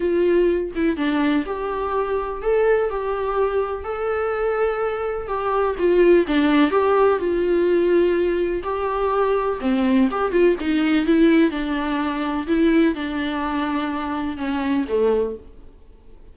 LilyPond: \new Staff \with { instrumentName = "viola" } { \time 4/4 \tempo 4 = 125 f'4. e'8 d'4 g'4~ | g'4 a'4 g'2 | a'2. g'4 | f'4 d'4 g'4 f'4~ |
f'2 g'2 | c'4 g'8 f'8 dis'4 e'4 | d'2 e'4 d'4~ | d'2 cis'4 a4 | }